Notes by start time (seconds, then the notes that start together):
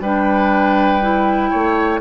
0.00 G3 D4 B4 G5
1.01 E4
1.50 A3 C#5